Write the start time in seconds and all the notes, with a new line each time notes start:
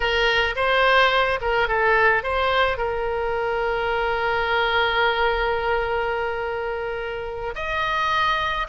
0.00 A#4
0.55 C5
1.41 A#4
1.68 A4
2.23 C5
2.77 A#4
7.55 D#5